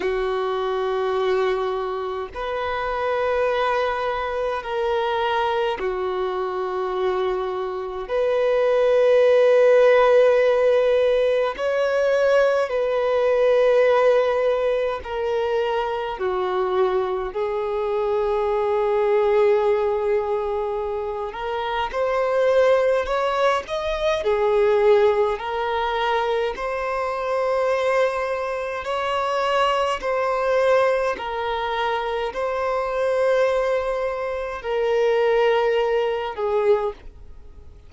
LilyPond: \new Staff \with { instrumentName = "violin" } { \time 4/4 \tempo 4 = 52 fis'2 b'2 | ais'4 fis'2 b'4~ | b'2 cis''4 b'4~ | b'4 ais'4 fis'4 gis'4~ |
gis'2~ gis'8 ais'8 c''4 | cis''8 dis''8 gis'4 ais'4 c''4~ | c''4 cis''4 c''4 ais'4 | c''2 ais'4. gis'8 | }